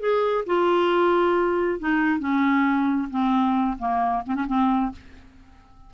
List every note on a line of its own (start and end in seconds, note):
0.00 0.45 G#4
0.47 1.80 F4
1.80 2.20 D#4
2.20 3.09 C#4
3.11 3.78 C4
3.79 4.24 A#3
4.27 4.35 C4
4.35 4.47 C#4
4.47 4.92 C4